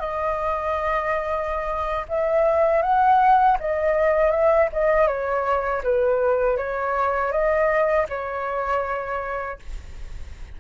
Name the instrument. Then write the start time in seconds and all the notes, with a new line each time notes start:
flute
0.00 D#5
2.09 E5
2.83 F#5
3.60 D#5
4.31 E5
4.73 D#5
5.08 C#5
5.84 B4
6.57 C#5
7.32 D#5
8.09 C#5